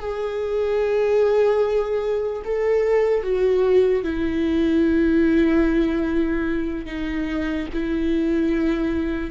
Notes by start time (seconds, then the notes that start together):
0.00 G#4
2.45 A4
3.24 F#4
4.04 E4
6.86 D#4
7.74 E4